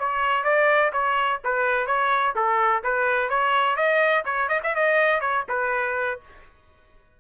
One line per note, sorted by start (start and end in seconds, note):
0.00 0.44 C#5
0.44 0.92 D5
0.93 1.40 C#5
1.45 1.87 B4
1.87 2.35 C#5
2.36 2.84 A4
2.84 3.30 B4
3.30 3.77 C#5
3.77 4.24 D#5
4.26 4.49 C#5
4.49 4.61 D#5
4.64 4.76 E5
4.76 5.21 D#5
5.21 5.45 C#5
5.49 6.21 B4